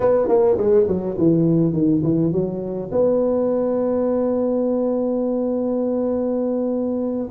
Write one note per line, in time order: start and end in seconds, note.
0.00 0.28 B3
0.28 0.57 A#3
0.57 0.86 G#3
0.87 1.17 F#3
1.18 1.72 E3
1.72 2.02 D#3
2.03 2.31 E3
2.31 2.90 F#3
2.91 7.28 B3